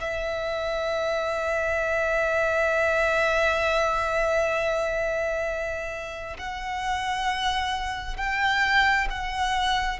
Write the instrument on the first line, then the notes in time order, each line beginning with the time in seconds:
violin
0.00 E5
6.38 F#5
8.17 G5
9.10 F#5